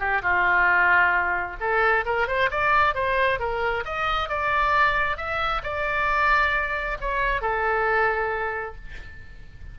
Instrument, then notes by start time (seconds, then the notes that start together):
oboe
0.00 G4
0.22 F4
1.60 A4
2.06 A#4
2.28 C5
2.51 D5
2.95 C5
3.39 A#4
3.85 D#5
4.29 D5
5.17 E5
5.63 D5
7.01 C#5
7.42 A4